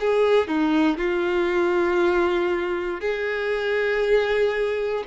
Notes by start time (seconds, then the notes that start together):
0.00 G#4
0.48 D#4
0.98 F4
3.00 G#4